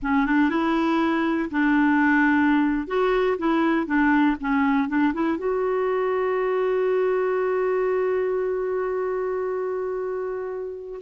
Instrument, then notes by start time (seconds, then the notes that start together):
clarinet
0.02 C#4
0.26 D4
0.49 E4
1.50 D4
2.87 F#4
3.38 E4
3.86 D4
4.40 C#4
4.88 D4
5.13 E4
5.37 F#4